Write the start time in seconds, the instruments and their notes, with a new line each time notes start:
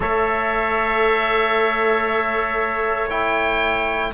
0.00 cello A3, trombone A4, trumpet C#5, oboe E5
3.09 trombone E4, oboe G5